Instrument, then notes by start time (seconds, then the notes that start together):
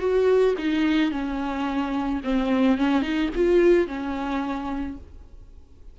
viola
0.00 F#4
0.59 D#4
1.12 C#4
2.25 C4
2.78 C#4
3.03 D#4
3.36 F4
3.88 C#4